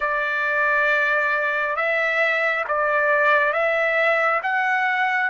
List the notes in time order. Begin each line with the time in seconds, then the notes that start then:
0.00 D5
1.76 E5
2.68 D5
3.52 E5
4.42 F#5